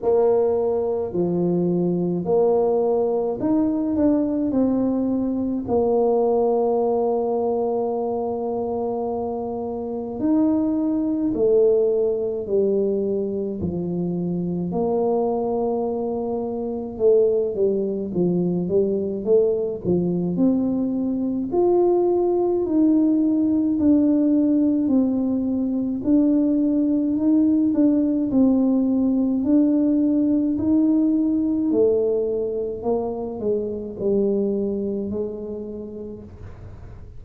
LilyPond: \new Staff \with { instrumentName = "tuba" } { \time 4/4 \tempo 4 = 53 ais4 f4 ais4 dis'8 d'8 | c'4 ais2.~ | ais4 dis'4 a4 g4 | f4 ais2 a8 g8 |
f8 g8 a8 f8 c'4 f'4 | dis'4 d'4 c'4 d'4 | dis'8 d'8 c'4 d'4 dis'4 | a4 ais8 gis8 g4 gis4 | }